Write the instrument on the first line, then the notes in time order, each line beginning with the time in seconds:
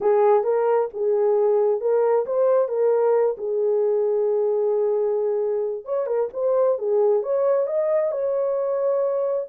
horn
0.00 G#4
0.43 A#4
0.93 G#4
1.80 A#4
2.26 C5
2.68 A#4
3.37 G#4
5.84 C#5
6.06 A#4
6.33 C5
6.78 G#4
7.22 C#5
7.67 D#5
8.11 C#5